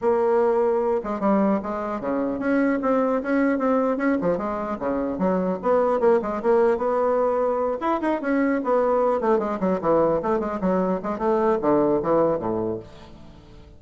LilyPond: \new Staff \with { instrumentName = "bassoon" } { \time 4/4 \tempo 4 = 150 ais2~ ais8 gis8 g4 | gis4 cis4 cis'4 c'4 | cis'4 c'4 cis'8 f8 gis4 | cis4 fis4 b4 ais8 gis8 |
ais4 b2~ b8 e'8 | dis'8 cis'4 b4. a8 gis8 | fis8 e4 a8 gis8 fis4 gis8 | a4 d4 e4 a,4 | }